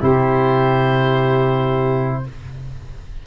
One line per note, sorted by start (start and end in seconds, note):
0.00 2.25 C3
0.00 2.24 E4
0.00 2.23 G4
0.00 2.26 C5